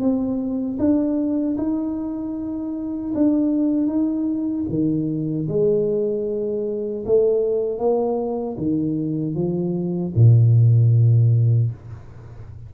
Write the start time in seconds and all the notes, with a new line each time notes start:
0.00 C4
0.79 D4
1.58 D#4
3.15 D4
3.87 D#4
4.69 D#3
5.49 G#3
7.06 A3
7.79 A#3
8.57 D#3
9.35 F3
10.15 A#2